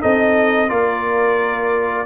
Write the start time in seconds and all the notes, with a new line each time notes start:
0.00 C4 D#4 A4 D#5
0.68 A#3 F4 A#4 D5